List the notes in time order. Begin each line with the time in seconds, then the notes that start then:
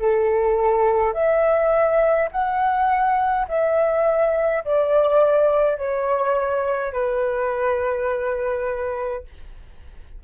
0.00 A4
1.14 E5
2.32 F#5
3.49 E5
4.65 D5
5.78 C#5
6.93 B4